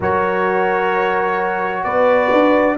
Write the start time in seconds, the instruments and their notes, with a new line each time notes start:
0.00 tuba F#3, trombone F#4, horn A#4, trumpet C#5
1.83 tuba B3, horn B4, trumpet D5
2.32 tuba D4